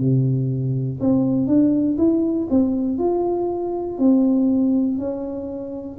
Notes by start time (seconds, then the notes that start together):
0.00 C3
1.00 C4
1.47 D4
1.98 E4
2.50 C4
2.99 F4
3.99 C4
4.99 C#4